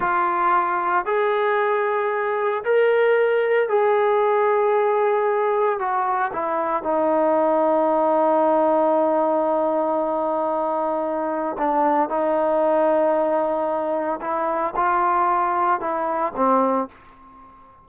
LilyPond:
\new Staff \with { instrumentName = "trombone" } { \time 4/4 \tempo 4 = 114 f'2 gis'2~ | gis'4 ais'2 gis'4~ | gis'2. fis'4 | e'4 dis'2.~ |
dis'1~ | dis'2 d'4 dis'4~ | dis'2. e'4 | f'2 e'4 c'4 | }